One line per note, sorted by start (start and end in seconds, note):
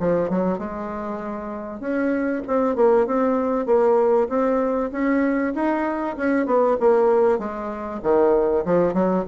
0.00 0.30 F3
0.30 0.59 F#3
0.59 1.80 G#3
1.80 2.42 C#4
2.48 2.76 C4
2.76 3.07 A#3
3.07 3.66 C4
3.66 4.28 A#3
4.29 4.91 C4
4.92 5.54 C#4
5.55 6.17 D#4
6.17 6.46 C#4
6.46 6.77 B3
6.80 7.39 A#3
7.39 8.01 G#3
8.03 8.65 D#3
8.66 8.94 F3
8.94 9.25 F#3